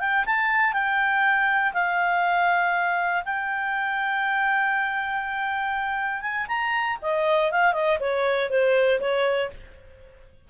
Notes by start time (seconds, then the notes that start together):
0.00 G5
0.26 A5
0.73 G5
1.74 F5
3.25 G5
6.22 G#5
6.48 A#5
7.02 D#5
7.52 F5
7.73 D#5
8.00 C#5
8.50 C5
9.00 C#5